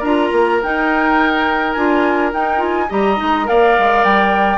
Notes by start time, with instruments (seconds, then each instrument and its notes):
0.00 bassoon D4, clarinet F4, oboe A#4, flute A#5
0.32 bassoon A#3
0.63 clarinet D#4, bassoon D#4, flute G5
1.73 bassoon D4, clarinet F4, flute G#5
2.33 clarinet D#4, bassoon D#4, flute G5
2.58 clarinet F4, flute G#5
2.89 bassoon G3, clarinet G4, oboe D#5, flute A#5
3.17 bassoon G#3, clarinet D#4
3.45 bassoon A#3, clarinet A#4, oboe D5, flute F5
3.79 bassoon G#3
4.04 bassoon G3, flute G5